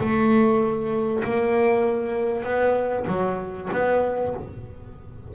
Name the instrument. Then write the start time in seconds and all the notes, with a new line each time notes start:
double bass
0.00 A3
1.24 A#3
2.43 B3
3.07 F#3
3.72 B3